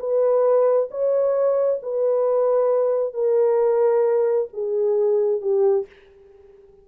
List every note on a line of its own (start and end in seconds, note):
0.00 0.90 B4
0.91 1.81 C#5
1.83 3.14 B4
3.14 4.48 A#4
4.53 5.42 G#4
5.42 5.87 G4